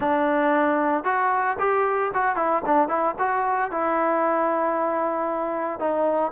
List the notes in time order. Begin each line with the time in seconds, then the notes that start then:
0.00 D4
1.04 F#4
1.59 G4
2.14 F#4
2.36 E4
2.65 D4
2.88 E4
3.18 F#4
3.71 E4
5.79 D#4